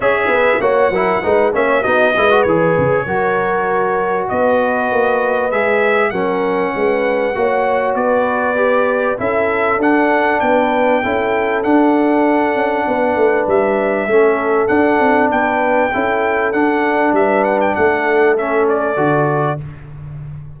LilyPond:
<<
  \new Staff \with { instrumentName = "trumpet" } { \time 4/4 \tempo 4 = 98 e''4 fis''4. e''8 dis''4 | cis''2. dis''4~ | dis''4 e''4 fis''2~ | fis''4 d''2 e''4 |
fis''4 g''2 fis''4~ | fis''2 e''2 | fis''4 g''2 fis''4 | e''8 fis''16 g''16 fis''4 e''8 d''4. | }
  \new Staff \with { instrumentName = "horn" } { \time 4/4 cis''8 b'8 cis''8 ais'8 b'8 cis''8 fis'8 b'8~ | b'4 ais'2 b'4~ | b'2 ais'4 b'4 | cis''4 b'2 a'4~ |
a'4 b'4 a'2~ | a'4 b'2 a'4~ | a'4 b'4 a'2 | b'4 a'2. | }
  \new Staff \with { instrumentName = "trombone" } { \time 4/4 gis'4 fis'8 e'8 dis'8 cis'8 dis'8 e'16 fis'16 | gis'4 fis'2.~ | fis'4 gis'4 cis'2 | fis'2 g'4 e'4 |
d'2 e'4 d'4~ | d'2. cis'4 | d'2 e'4 d'4~ | d'2 cis'4 fis'4 | }
  \new Staff \with { instrumentName = "tuba" } { \time 4/4 cis'8 b8 ais8 fis8 gis8 ais8 b8 gis8 | e8 cis8 fis2 b4 | ais4 gis4 fis4 gis4 | ais4 b2 cis'4 |
d'4 b4 cis'4 d'4~ | d'8 cis'8 b8 a8 g4 a4 | d'8 c'8 b4 cis'4 d'4 | g4 a2 d4 | }
>>